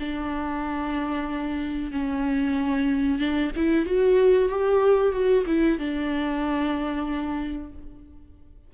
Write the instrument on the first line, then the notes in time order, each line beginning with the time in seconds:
viola
0.00 D4
1.92 C#4
3.19 D4
3.56 E4
3.86 F#4
4.49 G4
5.13 F#4
5.47 E4
5.79 D4